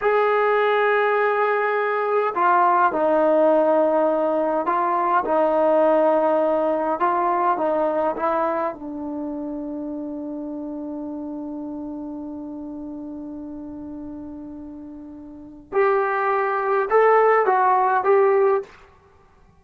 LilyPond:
\new Staff \with { instrumentName = "trombone" } { \time 4/4 \tempo 4 = 103 gis'1 | f'4 dis'2. | f'4 dis'2. | f'4 dis'4 e'4 d'4~ |
d'1~ | d'1~ | d'2. g'4~ | g'4 a'4 fis'4 g'4 | }